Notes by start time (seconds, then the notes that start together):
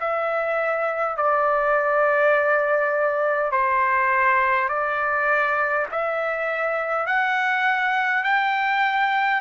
0.00 E5
1.17 D5
3.52 C5
4.69 D5
5.92 E5
7.06 F#5
8.24 G5